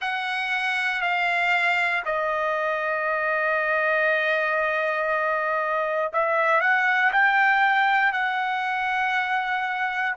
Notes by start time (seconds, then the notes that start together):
0.00 F#5
1.01 F5
2.05 D#5
6.12 E5
6.61 F#5
7.12 G5
8.12 F#5